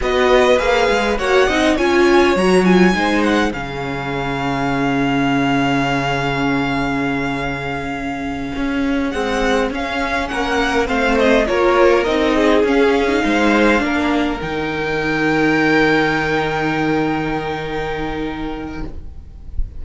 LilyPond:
<<
  \new Staff \with { instrumentName = "violin" } { \time 4/4 \tempo 4 = 102 dis''4 f''4 fis''4 gis''4 | ais''8 gis''4 fis''8 f''2~ | f''1~ | f''2.~ f''8 fis''8~ |
fis''8 f''4 fis''4 f''8 dis''8 cis''8~ | cis''8 dis''4 f''2~ f''8~ | f''8 g''2.~ g''8~ | g''1 | }
  \new Staff \with { instrumentName = "violin" } { \time 4/4 b'2 cis''8 dis''8 cis''4~ | cis''4 c''4 gis'2~ | gis'1~ | gis'1~ |
gis'4. ais'4 c''4 ais'8~ | ais'4 gis'4. c''4 ais'8~ | ais'1~ | ais'1 | }
  \new Staff \with { instrumentName = "viola" } { \time 4/4 fis'4 gis'4 fis'8 dis'8 f'4 | fis'8 f'8 dis'4 cis'2~ | cis'1~ | cis'2.~ cis'8 gis8~ |
gis8 cis'2 c'4 f'8~ | f'8 dis'4 cis'8. dis'4~ dis'16 d'8~ | d'8 dis'2.~ dis'8~ | dis'1 | }
  \new Staff \with { instrumentName = "cello" } { \time 4/4 b4 ais8 gis8 ais8 c'8 cis'4 | fis4 gis4 cis2~ | cis1~ | cis2~ cis8 cis'4 c'8~ |
c'8 cis'4 ais4 a4 ais8~ | ais8 c'4 cis'4 gis4 ais8~ | ais8 dis2.~ dis8~ | dis1 | }
>>